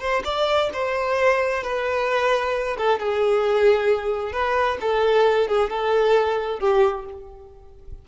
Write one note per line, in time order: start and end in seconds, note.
0.00 0.23 C5
0.24 0.70 D5
0.73 1.63 C5
1.63 2.77 B4
2.77 2.99 A4
2.99 4.32 G#4
4.32 4.78 B4
4.81 5.48 A4
5.48 5.70 G#4
5.70 6.60 A4
6.60 7.05 G4